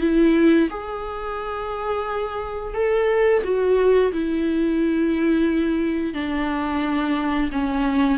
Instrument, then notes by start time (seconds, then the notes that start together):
viola
0.00 E4
0.69 G#4
2.74 A4
3.43 F#4
4.12 E4
6.13 D4
7.52 C#4